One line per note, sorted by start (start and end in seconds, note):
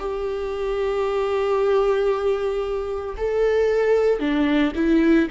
0.00 3.16 G4
3.17 4.20 A4
4.20 4.72 D4
4.76 5.28 E4